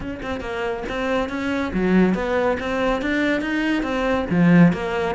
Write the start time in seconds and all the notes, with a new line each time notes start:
0.00 C#4
0.22 C4
0.40 A#3
0.88 C4
1.29 C#4
1.73 F#3
2.14 B3
2.59 C4
3.01 D4
3.41 D#4
3.82 C4
4.30 F3
4.72 A#3